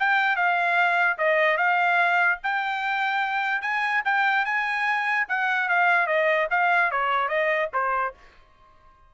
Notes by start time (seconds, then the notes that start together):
0.00 G5
0.36 F5
1.19 D#5
1.58 F5
2.44 G5
3.62 G#5
4.05 G5
4.46 G#5
5.29 F#5
5.69 F5
6.07 D#5
6.51 F5
6.92 C#5
7.29 D#5
7.74 C5